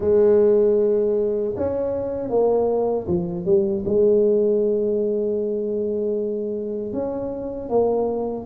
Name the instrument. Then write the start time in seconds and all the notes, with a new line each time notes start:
tuba
0.00 G#3
1.56 C#4
2.29 A#3
3.07 F3
3.45 G3
3.85 G#3
6.92 C#4
7.69 A#3